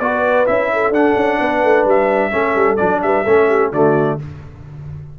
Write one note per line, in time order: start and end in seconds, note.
0.00 0.47 B3
0.00 0.47 F#4
0.00 0.73 B4
0.00 0.47 D5
0.47 0.90 C#4
0.47 0.94 E4
0.47 0.93 E5
0.73 1.41 A4
0.90 1.14 D4
0.90 2.32 D4
0.90 1.87 F#5
1.16 1.40 C#4
1.41 1.64 B3
1.41 2.31 B4
1.64 1.86 A3
1.86 2.32 G3
1.86 2.77 E5
2.31 2.56 A3
2.31 2.78 C#4
2.31 3.00 A4
2.56 2.79 G3
2.77 3.03 F#3
2.77 3.26 D4
2.77 3.00 D5
3.03 3.27 G3
3.03 3.25 B4
3.03 3.72 E5
3.25 3.73 A3
3.25 3.73 C#4
3.25 3.48 A4
3.49 3.72 G4
3.73 4.19 D3
3.73 4.20 A3
3.73 4.19 F#4
3.73 4.20 D5